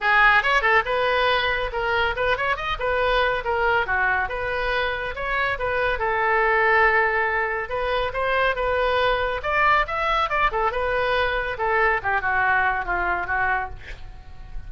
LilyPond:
\new Staff \with { instrumentName = "oboe" } { \time 4/4 \tempo 4 = 140 gis'4 cis''8 a'8 b'2 | ais'4 b'8 cis''8 dis''8 b'4. | ais'4 fis'4 b'2 | cis''4 b'4 a'2~ |
a'2 b'4 c''4 | b'2 d''4 e''4 | d''8 a'8 b'2 a'4 | g'8 fis'4. f'4 fis'4 | }